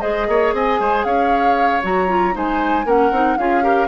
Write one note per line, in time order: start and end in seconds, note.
0.00 0.27 G#3
0.00 1.82 G#4
0.00 0.26 C5
0.00 0.52 D#5
0.27 0.53 A#3
0.27 0.54 C#5
0.53 0.79 C4
0.53 0.80 D#5
0.53 1.04 G#5
0.79 1.04 G#3
0.79 1.05 C5
1.04 1.82 C#4
1.04 2.35 C#5
1.04 1.81 F5
1.82 2.35 F#3
1.82 2.07 F#4
1.82 2.36 A#5
2.07 2.33 F4
2.33 2.85 G#3
2.33 2.84 D#4
2.33 2.85 C5
2.33 2.88 G#5
2.85 3.10 A#3
2.85 3.12 C#4
2.85 3.37 A#4
2.85 3.37 F#5
3.11 3.37 C4
3.11 3.38 D#4
3.37 3.87 C#4
3.37 3.62 F4
3.37 3.63 G#4
3.37 3.87 F5
3.62 3.87 G4
3.62 3.87 A#4